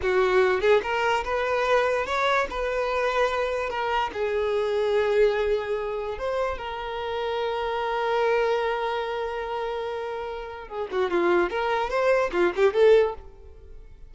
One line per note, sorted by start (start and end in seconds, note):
0.01 0.60 F#4
0.60 0.81 G#4
0.82 1.23 A#4
1.24 2.05 B4
2.05 2.47 C#5
2.50 3.69 B4
3.69 4.10 A#4
4.13 6.18 G#4
6.18 6.58 C5
6.58 10.68 A#4
10.68 10.88 G#4
10.91 11.10 F#4
11.10 11.50 F4
11.50 11.90 A#4
11.90 12.31 C5
12.32 12.52 F4
12.56 12.73 G4
12.73 13.15 A4